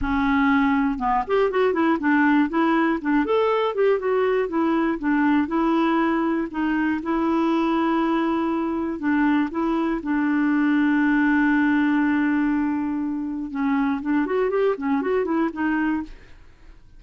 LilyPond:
\new Staff \with { instrumentName = "clarinet" } { \time 4/4 \tempo 4 = 120 cis'2 b8 g'8 fis'8 e'8 | d'4 e'4 d'8 a'4 g'8 | fis'4 e'4 d'4 e'4~ | e'4 dis'4 e'2~ |
e'2 d'4 e'4 | d'1~ | d'2. cis'4 | d'8 fis'8 g'8 cis'8 fis'8 e'8 dis'4 | }